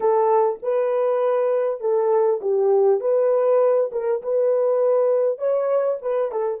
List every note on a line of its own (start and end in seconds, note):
0.00 0.59 A4
0.62 1.80 B4
1.80 2.40 A4
2.41 3.00 G4
3.00 3.90 B4
3.92 4.22 A#4
4.22 5.38 B4
5.38 5.98 C#5
6.01 6.31 B4
6.31 6.60 A4